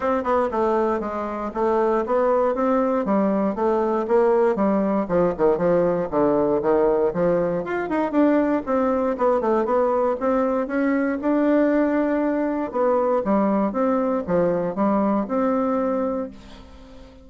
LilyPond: \new Staff \with { instrumentName = "bassoon" } { \time 4/4 \tempo 4 = 118 c'8 b8 a4 gis4 a4 | b4 c'4 g4 a4 | ais4 g4 f8 dis8 f4 | d4 dis4 f4 f'8 dis'8 |
d'4 c'4 b8 a8 b4 | c'4 cis'4 d'2~ | d'4 b4 g4 c'4 | f4 g4 c'2 | }